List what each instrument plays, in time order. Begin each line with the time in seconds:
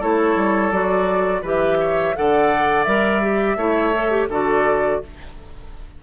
0.00 bassoon A3, clarinet E4, oboe A4, flute C#5
0.36 bassoon G3
0.71 bassoon F#3, clarinet F#4, flute D5
1.42 bassoon E3, clarinet G4, oboe B4, flute E5
1.80 oboe C#5
2.16 bassoon D3, clarinet A4, oboe D5, flute F#5
2.84 bassoon G3, clarinet A#4, flute E5
3.22 clarinet G4
3.56 bassoon A3, clarinet E4, oboe C#5
3.95 clarinet A4
4.11 clarinet G4
4.29 bassoon D3, clarinet F#4, oboe A4, flute D5